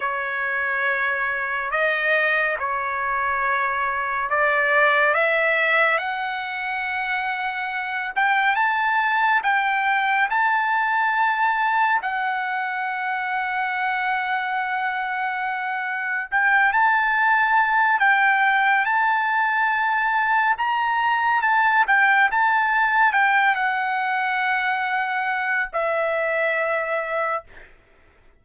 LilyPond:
\new Staff \with { instrumentName = "trumpet" } { \time 4/4 \tempo 4 = 70 cis''2 dis''4 cis''4~ | cis''4 d''4 e''4 fis''4~ | fis''4. g''8 a''4 g''4 | a''2 fis''2~ |
fis''2. g''8 a''8~ | a''4 g''4 a''2 | ais''4 a''8 g''8 a''4 g''8 fis''8~ | fis''2 e''2 | }